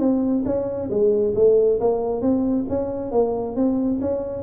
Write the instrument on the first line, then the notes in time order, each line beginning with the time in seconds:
tuba
0.00 C4
0.46 C#4
0.91 G#3
1.36 A3
1.80 A#3
2.22 C4
2.70 C#4
3.12 A#3
3.56 C4
4.01 C#4